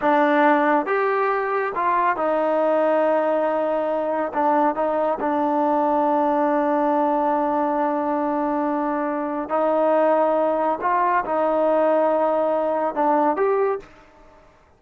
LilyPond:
\new Staff \with { instrumentName = "trombone" } { \time 4/4 \tempo 4 = 139 d'2 g'2 | f'4 dis'2.~ | dis'2 d'4 dis'4 | d'1~ |
d'1~ | d'2 dis'2~ | dis'4 f'4 dis'2~ | dis'2 d'4 g'4 | }